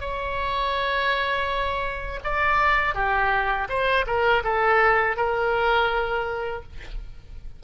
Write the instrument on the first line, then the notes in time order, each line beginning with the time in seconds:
oboe
0.00 C#5
2.24 D5
2.94 G4
3.69 C5
4.06 A#4
4.43 A4
5.16 A#4